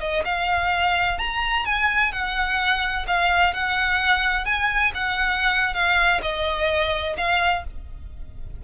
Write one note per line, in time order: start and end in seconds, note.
0.00 0.23 D#5
0.25 1.18 F5
1.19 1.65 A#5
1.65 2.12 G#5
2.12 3.06 F#5
3.07 3.54 F5
3.54 4.45 F#5
4.45 4.92 G#5
4.95 5.74 F#5
5.74 6.21 F5
6.22 7.16 D#5
7.17 7.64 F5